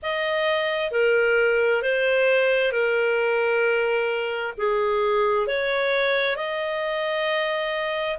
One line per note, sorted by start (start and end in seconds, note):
0.02 0.91 D#5
0.91 1.82 A#4
1.82 2.71 C5
2.71 4.53 A#4
4.57 5.47 G#4
5.47 6.36 C#5
6.36 8.17 D#5